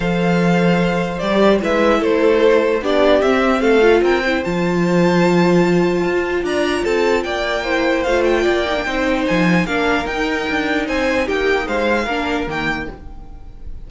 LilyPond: <<
  \new Staff \with { instrumentName = "violin" } { \time 4/4 \tempo 4 = 149 f''2. d''4 | e''4 c''2 d''4 | e''4 f''4 g''4 a''4~ | a''1 |
ais''4 a''4 g''2 | f''8 g''2~ g''8 gis''4 | f''4 g''2 gis''4 | g''4 f''2 g''4 | }
  \new Staff \with { instrumentName = "violin" } { \time 4/4 c''1 | b'4 a'2 g'4~ | g'4 a'4 ais'8 c''4.~ | c''1 |
d''4 a'4 d''4 c''4~ | c''4 d''4 c''2 | ais'2. c''4 | g'4 c''4 ais'2 | }
  \new Staff \with { instrumentName = "viola" } { \time 4/4 a'2. g'4 | e'2. d'4 | c'4. f'4 e'8 f'4~ | f'1~ |
f'2. e'4 | f'4. dis'16 d'16 dis'2 | d'4 dis'2.~ | dis'2 d'4 ais4 | }
  \new Staff \with { instrumentName = "cello" } { \time 4/4 f2. g4 | gis4 a2 b4 | c'4 a4 c'4 f4~ | f2. f'4 |
d'4 c'4 ais2 | a4 ais4 c'4 f4 | ais4 dis'4 d'4 c'4 | ais4 gis4 ais4 dis4 | }
>>